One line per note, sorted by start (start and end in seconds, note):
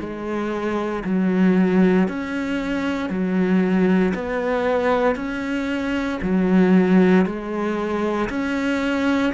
0.00 1.03 G#3
1.05 2.08 F#3
2.08 3.10 C#4
3.10 4.13 F#3
4.15 5.16 B3
5.16 6.19 C#4
6.23 7.26 F#3
7.26 8.29 G#3
8.29 9.33 C#4